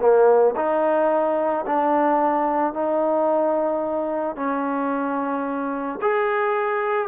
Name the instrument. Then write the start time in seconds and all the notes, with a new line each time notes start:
trombone
0.00 A#3
0.56 D#4
1.66 D4
2.73 D#4
4.36 C#4
6.01 G#4